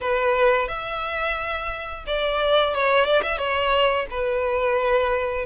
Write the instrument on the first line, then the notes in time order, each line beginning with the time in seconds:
violin
0.00 B4
0.68 E5
2.06 D5
2.74 C#5
3.04 D5
3.23 E5
3.37 C#5
4.10 B4